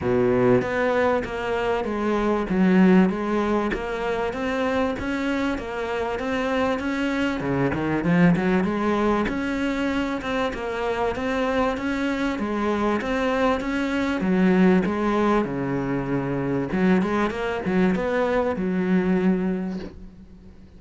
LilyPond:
\new Staff \with { instrumentName = "cello" } { \time 4/4 \tempo 4 = 97 b,4 b4 ais4 gis4 | fis4 gis4 ais4 c'4 | cis'4 ais4 c'4 cis'4 | cis8 dis8 f8 fis8 gis4 cis'4~ |
cis'8 c'8 ais4 c'4 cis'4 | gis4 c'4 cis'4 fis4 | gis4 cis2 fis8 gis8 | ais8 fis8 b4 fis2 | }